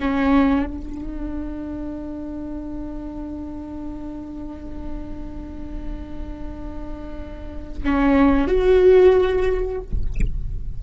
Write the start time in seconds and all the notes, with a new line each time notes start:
0.00 C#4
0.66 D4
7.83 C#4
8.47 F#4